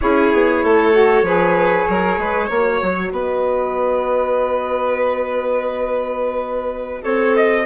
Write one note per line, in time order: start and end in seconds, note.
0.01 0.33 C#4
0.01 0.92 E4
0.01 0.63 G#4
0.01 3.13 C#5
0.33 0.63 B3
0.63 1.22 A3
0.63 1.25 A4
0.92 1.24 F#4
1.22 1.84 F3
1.22 2.49 G#4
1.22 1.88 B4
1.88 2.17 F#3
1.88 2.19 A#4
2.17 2.49 G#3
2.17 2.47 B4
2.47 2.81 A#3
2.47 7.64 F#4
2.47 3.10 C#5
2.82 3.11 F#3
3.11 7.02 B3
3.11 7.01 B4
3.11 7.04 D#5
7.01 7.65 C4
7.01 7.64 A4
7.01 7.35 C#5
7.36 7.65 D#5